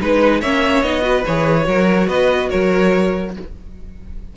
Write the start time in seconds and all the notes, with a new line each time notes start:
0.00 G#3 D#4 B4
0.40 A#3 C#4 C#5 E5
0.82 B3 D#4 D#5
1.01 F#4 B4
1.25 E3 G#4 C#5
1.64 F#3 F#4 A#4
2.07 B3 B4 D#5
2.49 F#3 A#4 C#5